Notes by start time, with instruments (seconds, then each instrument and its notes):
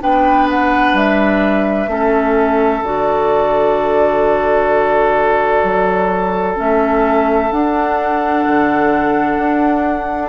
0.00 bassoon B3, clarinet D4, oboe B4, flute G5
0.50 flute F#5
0.93 bassoon G3, flute E5
1.87 bassoon A3, clarinet C#4, oboe A4
2.82 bassoon D3, clarinet F#4, flute D5
5.62 bassoon F#3
6.55 bassoon A3, clarinet C#4, flute E5
7.51 bassoon D4, clarinet D4, flute F#5
8.46 bassoon D3
9.37 bassoon D4